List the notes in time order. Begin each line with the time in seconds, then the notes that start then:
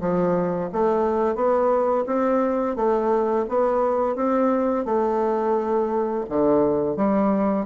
0.00 F3
0.72 A3
1.34 B3
2.06 C4
2.76 A3
3.49 B3
4.15 C4
4.85 A3
6.29 D3
6.96 G3